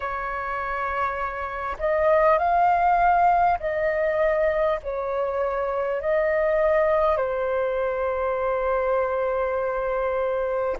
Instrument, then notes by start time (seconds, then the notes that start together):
flute
0.00 C#5
1.78 D#5
2.38 F5
3.59 D#5
4.83 C#5
6.01 D#5
7.16 C5